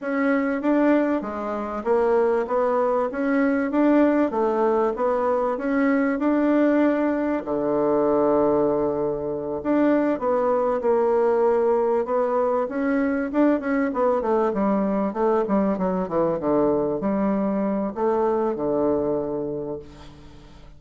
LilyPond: \new Staff \with { instrumentName = "bassoon" } { \time 4/4 \tempo 4 = 97 cis'4 d'4 gis4 ais4 | b4 cis'4 d'4 a4 | b4 cis'4 d'2 | d2.~ d8 d'8~ |
d'8 b4 ais2 b8~ | b8 cis'4 d'8 cis'8 b8 a8 g8~ | g8 a8 g8 fis8 e8 d4 g8~ | g4 a4 d2 | }